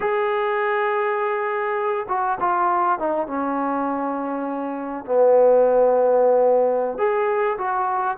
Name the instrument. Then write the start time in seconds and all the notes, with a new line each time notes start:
trombone
0.00 G#4
2.08 F#4
2.40 F4
2.99 D#4
3.27 C#4
5.05 B3
6.97 G#4
7.57 F#4